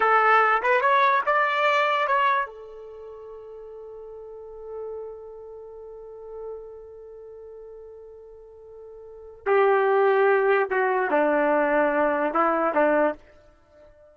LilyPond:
\new Staff \with { instrumentName = "trumpet" } { \time 4/4 \tempo 4 = 146 a'4. b'8 cis''4 d''4~ | d''4 cis''4 a'2~ | a'1~ | a'1~ |
a'1~ | a'2. g'4~ | g'2 fis'4 d'4~ | d'2 e'4 d'4 | }